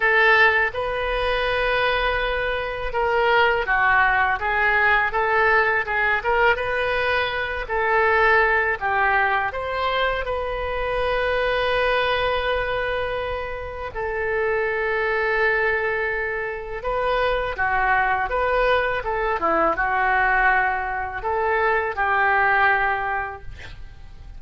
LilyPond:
\new Staff \with { instrumentName = "oboe" } { \time 4/4 \tempo 4 = 82 a'4 b'2. | ais'4 fis'4 gis'4 a'4 | gis'8 ais'8 b'4. a'4. | g'4 c''4 b'2~ |
b'2. a'4~ | a'2. b'4 | fis'4 b'4 a'8 e'8 fis'4~ | fis'4 a'4 g'2 | }